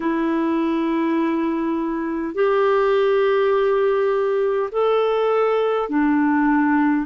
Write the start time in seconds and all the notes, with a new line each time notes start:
0.00 E4
2.34 G4
4.71 A4
5.89 D4